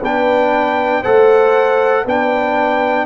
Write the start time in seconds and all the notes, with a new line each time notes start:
0.00 B3 D4 B4 G5
1.01 A3 A4 C5 F#5
2.05 B3 D4 B4 G5